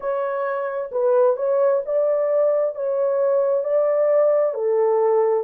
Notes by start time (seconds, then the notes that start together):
0.00 C#5
0.91 B4
1.36 C#5
1.85 D5
2.75 C#5
3.64 D5
4.54 A4